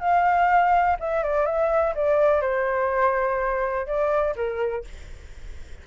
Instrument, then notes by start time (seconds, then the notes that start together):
flute
0.00 F5
0.99 E5
1.23 D5
1.46 E5
1.95 D5
2.41 C5
3.87 D5
4.36 A#4